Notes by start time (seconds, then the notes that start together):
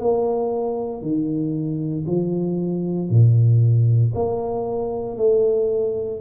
0.00 A#3
1.02 D#3
2.06 F3
3.09 A#2
4.14 A#3
5.17 A3